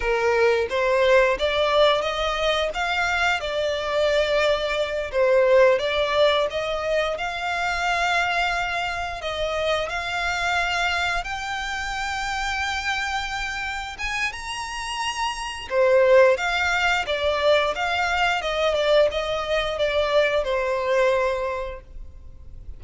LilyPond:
\new Staff \with { instrumentName = "violin" } { \time 4/4 \tempo 4 = 88 ais'4 c''4 d''4 dis''4 | f''4 d''2~ d''8 c''8~ | c''8 d''4 dis''4 f''4.~ | f''4. dis''4 f''4.~ |
f''8 g''2.~ g''8~ | g''8 gis''8 ais''2 c''4 | f''4 d''4 f''4 dis''8 d''8 | dis''4 d''4 c''2 | }